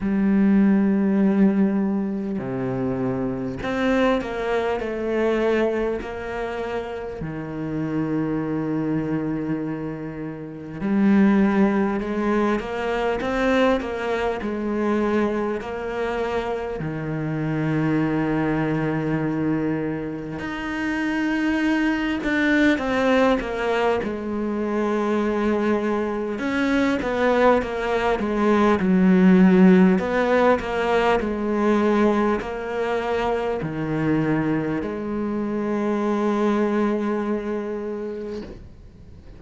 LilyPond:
\new Staff \with { instrumentName = "cello" } { \time 4/4 \tempo 4 = 50 g2 c4 c'8 ais8 | a4 ais4 dis2~ | dis4 g4 gis8 ais8 c'8 ais8 | gis4 ais4 dis2~ |
dis4 dis'4. d'8 c'8 ais8 | gis2 cis'8 b8 ais8 gis8 | fis4 b8 ais8 gis4 ais4 | dis4 gis2. | }